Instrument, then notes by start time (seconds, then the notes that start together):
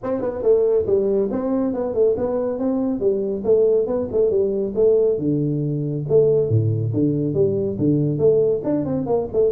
tuba
0.03 C4
0.21 B3
0.42 A3
0.86 G3
1.31 C4
1.73 B3
1.93 A3
2.17 B3
2.58 C4
3.00 G3
3.44 A3
3.86 B3
4.11 A3
4.30 G3
4.75 A3
5.18 D3
6.08 A3
6.49 A2
6.93 D3
7.34 G3
7.78 D3
8.18 A3
8.64 D4
8.85 C4
9.06 A#3
9.32 A3